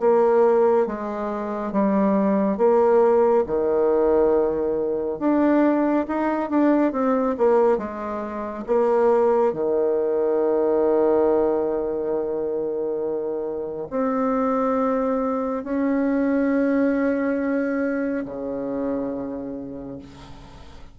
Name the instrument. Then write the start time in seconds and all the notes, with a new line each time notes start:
bassoon
0.00 A#3
0.87 G#3
1.72 G3
2.57 A#3
3.47 D#3
5.19 D4
6.08 D#4
6.50 D4
6.92 C4
7.38 A#3
7.78 G#3
8.67 A#3
9.53 D#3
13.90 C4
15.64 C#4
18.25 C#3